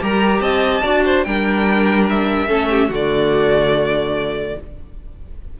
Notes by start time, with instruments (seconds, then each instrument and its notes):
0.00 cello G3, viola G4, violin A#4 A#5
0.40 cello C4, violin D#5 A5
0.82 cello D4, viola F#4, violin D5
1.05 violin C5
1.23 cello G3, viola D4, violin A#4 G5
2.09 violin E5
2.47 cello A3, viola C#4, violin A4
2.69 violin G4
2.88 cello D3, viola A3, violin F#4
2.94 violin D5